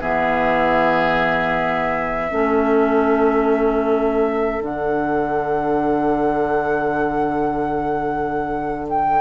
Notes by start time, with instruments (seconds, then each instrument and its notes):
0.00 bassoon E3, clarinet B3, oboe G#4, flute E5
2.30 bassoon A3, clarinet C#4, oboe A4
4.61 bassoon D3, clarinet D4, flute F#5
8.89 flute G5